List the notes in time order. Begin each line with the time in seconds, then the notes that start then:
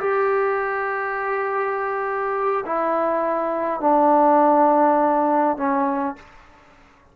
0.00 G4
2.66 E4
3.80 D4
5.57 C#4